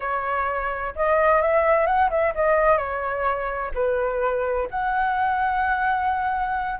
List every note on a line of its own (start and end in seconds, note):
0.00 0.94 C#5
0.95 1.41 D#5
1.41 1.86 E5
1.86 2.09 F#5
2.10 2.33 E5
2.34 2.77 D#5
2.77 3.71 C#5
3.74 4.68 B4
4.70 6.79 F#5